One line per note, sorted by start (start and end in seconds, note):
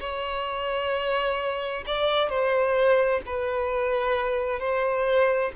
0.00 1.85 C#5
1.86 2.29 D5
2.29 3.21 C5
3.26 4.59 B4
4.59 5.52 C5